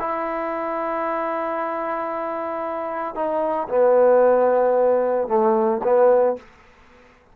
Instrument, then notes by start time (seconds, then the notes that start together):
trombone
0.00 E4
3.15 D#4
3.69 B3
5.29 A3
5.84 B3